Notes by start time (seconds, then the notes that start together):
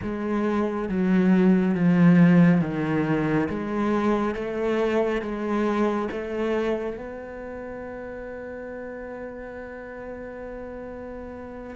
0.02 G#3
0.88 F#3
1.74 F3
2.61 D#3
3.49 G#3
4.34 A3
5.21 G#3
6.11 A3
6.97 B3